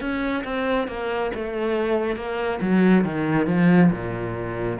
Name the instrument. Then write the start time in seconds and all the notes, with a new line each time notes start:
cello
0.00 C#4
0.44 C4
0.87 A#3
1.34 A3
2.16 A#3
2.61 F#3
3.04 D#3
3.47 F3
3.92 A#2